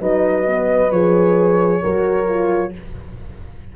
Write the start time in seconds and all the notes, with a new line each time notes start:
0.00 F#3 D#4 B4 D#5
0.47 B3
0.91 F3 G#4 C#5
1.82 F#3 F#4 A#4
2.27 F4